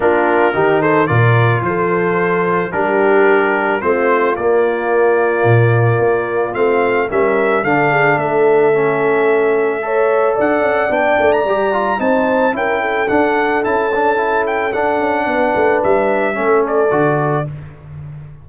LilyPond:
<<
  \new Staff \with { instrumentName = "trumpet" } { \time 4/4 \tempo 4 = 110 ais'4. c''8 d''4 c''4~ | c''4 ais'2 c''4 | d''1 | f''4 e''4 f''4 e''4~ |
e''2. fis''4 | g''8. ais''4~ ais''16 a''4 g''4 | fis''4 a''4. g''8 fis''4~ | fis''4 e''4. d''4. | }
  \new Staff \with { instrumentName = "horn" } { \time 4/4 f'4 g'8 a'8 ais'4 a'4~ | a'4 g'2 f'4~ | f'1~ | f'4 ais'4 a'8 gis'8 a'4~ |
a'2 cis''4 d''4~ | d''2 c''4 ais'8 a'8~ | a'1 | b'2 a'2 | }
  \new Staff \with { instrumentName = "trombone" } { \time 4/4 d'4 dis'4 f'2~ | f'4 d'2 c'4 | ais1 | c'4 cis'4 d'2 |
cis'2 a'2 | d'4 g'8 f'8 dis'4 e'4 | d'4 e'8 d'8 e'4 d'4~ | d'2 cis'4 fis'4 | }
  \new Staff \with { instrumentName = "tuba" } { \time 4/4 ais4 dis4 ais,4 f4~ | f4 g2 a4 | ais2 ais,4 ais4 | a4 g4 d4 a4~ |
a2. d'8 cis'8 | b8 a8 g4 c'4 cis'4 | d'4 cis'2 d'8 cis'8 | b8 a8 g4 a4 d4 | }
>>